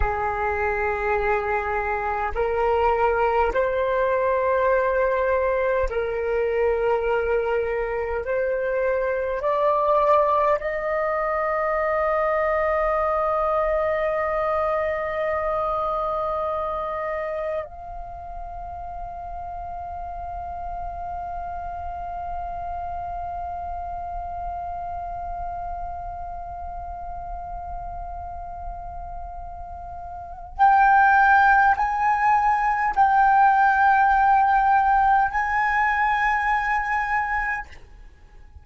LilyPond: \new Staff \with { instrumentName = "flute" } { \time 4/4 \tempo 4 = 51 gis'2 ais'4 c''4~ | c''4 ais'2 c''4 | d''4 dis''2.~ | dis''2. f''4~ |
f''1~ | f''1~ | f''2 g''4 gis''4 | g''2 gis''2 | }